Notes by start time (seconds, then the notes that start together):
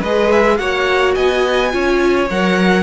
0.00 G#3 G#4 B4 D#5
0.31 E5
0.57 A#3 F#4 C#5 F#5
1.14 B3 D#5 G#5
1.71 C#4 F4 C#5
2.30 F#3 A#4 F#5